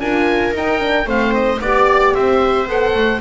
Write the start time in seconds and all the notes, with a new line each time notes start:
0.00 D4 F4 A#4 G#5
0.53 D#4 G5
0.79 D4
1.06 A3 C4 C5 F5
1.34 D#5
1.60 B3 G4 D5
2.14 C4 C5 E5
2.67 B3 A4 F#5
2.94 A3